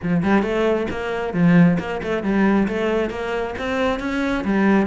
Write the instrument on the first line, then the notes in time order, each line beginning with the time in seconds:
cello
0.02 F3
0.23 G3
0.42 A3
0.90 A#3
1.33 F3
1.79 A#3
2.02 A3
2.23 G3
2.68 A3
3.09 A#3
3.58 C4
3.99 C#4
4.44 G3